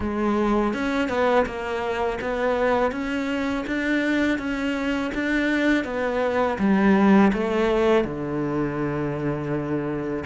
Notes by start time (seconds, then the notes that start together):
0.00 G#3
0.73 C#4
1.08 B3
1.45 A#3
2.21 B3
2.91 C#4
3.67 D4
4.38 C#4
5.14 D4
5.84 B3
6.58 G3
7.33 A3
8.04 D3